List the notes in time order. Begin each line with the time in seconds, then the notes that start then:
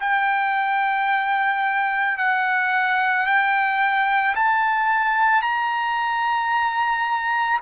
0.00 G5
2.17 F#5
3.26 G5
4.35 A5
5.41 A#5